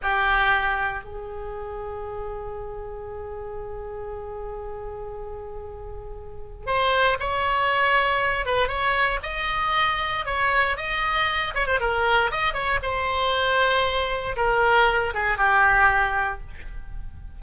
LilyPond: \new Staff \with { instrumentName = "oboe" } { \time 4/4 \tempo 4 = 117 g'2 gis'2~ | gis'1~ | gis'1~ | gis'4 c''4 cis''2~ |
cis''8 b'8 cis''4 dis''2 | cis''4 dis''4. cis''16 c''16 ais'4 | dis''8 cis''8 c''2. | ais'4. gis'8 g'2 | }